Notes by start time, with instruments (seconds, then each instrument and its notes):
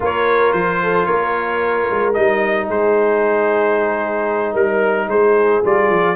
0.00 tuba A#3, trombone F4, horn A#4, trumpet C#5
0.52 tuba F3, trumpet C5
0.82 horn A4
1.05 tuba A#3, horn A#4, trumpet C#5
1.90 tuba G#3
2.13 tuba G3, trombone D#4, trumpet D#5
2.67 tuba G#3, horn G#4, trumpet C5
4.53 tuba G3, horn A#4, trumpet A#4
5.07 tuba G#3, horn G#4, trumpet C5
5.64 tuba G3, trombone F4, trumpet D5
5.90 tuba F3